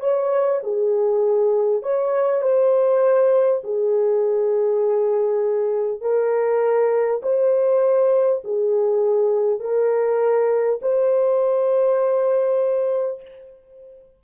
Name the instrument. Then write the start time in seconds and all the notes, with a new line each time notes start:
horn
0.00 C#5
0.63 G#4
1.82 C#5
2.42 C5
3.63 G#4
6.01 A#4
7.22 C5
8.44 G#4
9.59 A#4
10.81 C5